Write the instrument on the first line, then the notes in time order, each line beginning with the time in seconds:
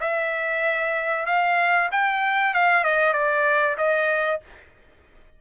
trumpet
0.00 E5
1.26 F5
1.91 G5
2.54 F5
2.84 D#5
3.13 D5
3.78 D#5